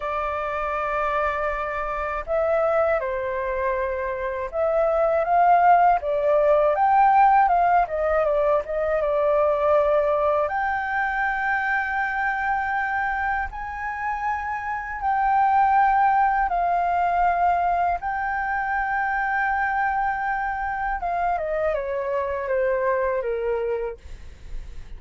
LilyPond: \new Staff \with { instrumentName = "flute" } { \time 4/4 \tempo 4 = 80 d''2. e''4 | c''2 e''4 f''4 | d''4 g''4 f''8 dis''8 d''8 dis''8 | d''2 g''2~ |
g''2 gis''2 | g''2 f''2 | g''1 | f''8 dis''8 cis''4 c''4 ais'4 | }